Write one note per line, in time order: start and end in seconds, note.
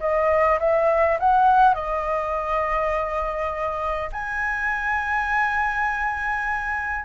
0.00 0.59 D#5
0.60 1.18 E5
1.20 1.75 F#5
1.75 4.10 D#5
4.12 7.05 G#5